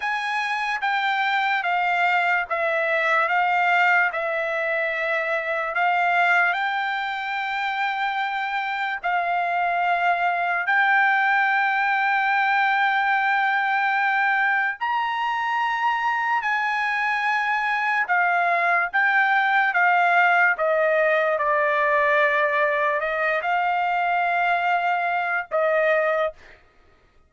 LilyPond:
\new Staff \with { instrumentName = "trumpet" } { \time 4/4 \tempo 4 = 73 gis''4 g''4 f''4 e''4 | f''4 e''2 f''4 | g''2. f''4~ | f''4 g''2.~ |
g''2 ais''2 | gis''2 f''4 g''4 | f''4 dis''4 d''2 | dis''8 f''2~ f''8 dis''4 | }